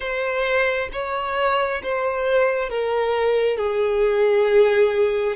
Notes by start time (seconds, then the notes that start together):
0.00 C5
0.92 C#5
1.82 C5
2.69 A#4
3.57 G#4